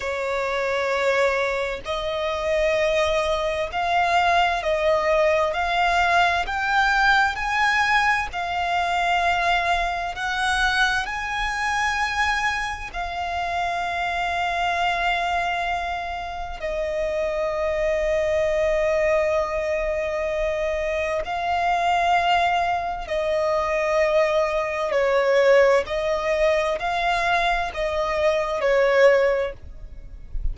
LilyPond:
\new Staff \with { instrumentName = "violin" } { \time 4/4 \tempo 4 = 65 cis''2 dis''2 | f''4 dis''4 f''4 g''4 | gis''4 f''2 fis''4 | gis''2 f''2~ |
f''2 dis''2~ | dis''2. f''4~ | f''4 dis''2 cis''4 | dis''4 f''4 dis''4 cis''4 | }